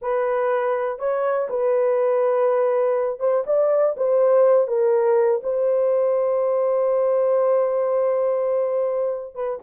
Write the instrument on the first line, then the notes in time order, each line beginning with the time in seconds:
horn
0.01 B4
0.98 C#5
1.49 B4
3.19 C5
3.46 D5
3.96 C5
4.67 A#4
5.43 C5
9.34 B4